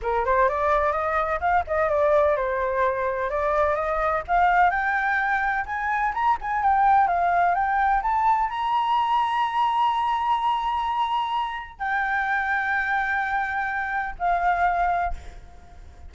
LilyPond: \new Staff \with { instrumentName = "flute" } { \time 4/4 \tempo 4 = 127 ais'8 c''8 d''4 dis''4 f''8 dis''8 | d''4 c''2 d''4 | dis''4 f''4 g''2 | gis''4 ais''8 gis''8 g''4 f''4 |
g''4 a''4 ais''2~ | ais''1~ | ais''4 g''2.~ | g''2 f''2 | }